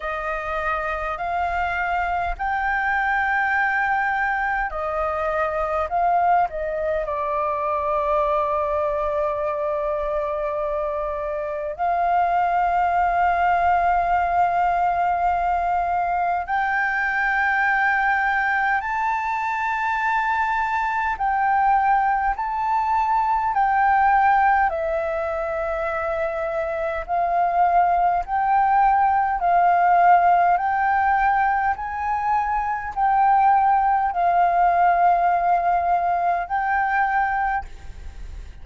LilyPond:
\new Staff \with { instrumentName = "flute" } { \time 4/4 \tempo 4 = 51 dis''4 f''4 g''2 | dis''4 f''8 dis''8 d''2~ | d''2 f''2~ | f''2 g''2 |
a''2 g''4 a''4 | g''4 e''2 f''4 | g''4 f''4 g''4 gis''4 | g''4 f''2 g''4 | }